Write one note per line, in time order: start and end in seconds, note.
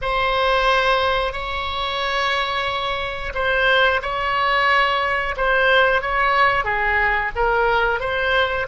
0.02 1.32 C5
1.32 3.32 C#5
3.34 4.01 C5
4.02 5.35 C#5
5.36 6.02 C5
6.02 6.64 C#5
6.64 7.31 G#4
7.35 8.00 A#4
8.00 8.66 C5